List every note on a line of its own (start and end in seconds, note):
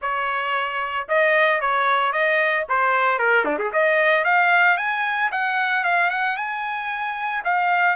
0.01 1.07 C#5
1.08 1.60 D#5
1.60 2.12 C#5
2.12 2.65 D#5
2.68 3.18 C5
3.18 3.44 A#4
3.44 3.57 D4
3.58 3.71 G#4
3.73 4.24 D#5
4.24 4.77 F5
4.77 5.30 G#5
5.31 5.84 F#5
5.84 6.10 F5
6.10 6.36 F#5
6.36 7.42 G#5
7.44 7.96 F5